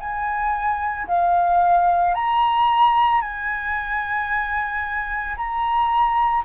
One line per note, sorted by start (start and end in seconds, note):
0.00 1.07 G#5
1.08 2.14 F5
2.14 3.21 A#5
3.21 5.36 G#5
5.37 6.44 A#5